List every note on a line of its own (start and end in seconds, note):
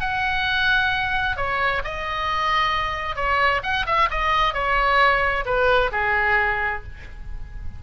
0.00 1.36 F#5
1.36 1.82 C#5
1.84 3.16 D#5
3.16 3.61 C#5
3.63 3.86 F#5
3.86 4.09 E5
4.10 4.54 D#5
4.54 5.45 C#5
5.45 5.91 B4
5.92 6.83 G#4